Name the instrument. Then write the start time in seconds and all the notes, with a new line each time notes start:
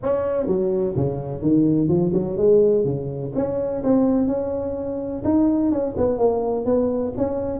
tuba
0.02 C#4
0.46 F#3
0.95 C#3
1.42 D#3
1.88 F3
2.13 F#3
2.37 G#3
2.84 C#3
3.35 C#4
3.83 C4
4.27 C#4
5.24 D#4
5.71 C#4
5.97 B3
6.18 A#3
6.65 B3
7.17 C#4